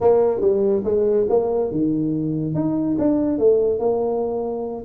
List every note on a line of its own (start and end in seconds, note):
0.00 0.41 A#3
0.41 0.83 G3
0.84 1.26 G#3
1.29 1.71 A#3
1.71 2.54 D#3
2.54 2.97 D#4
2.98 3.38 D4
3.38 3.79 A3
3.79 4.85 A#3